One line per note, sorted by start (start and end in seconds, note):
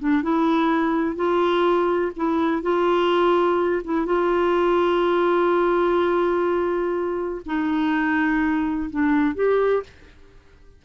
0.00 0.23 D4
0.23 1.16 E4
1.16 2.12 F4
2.16 2.62 E4
2.62 3.82 F4
3.84 4.06 E4
4.06 7.42 F4
7.46 8.90 D#4
8.90 9.35 D4
9.35 9.83 G4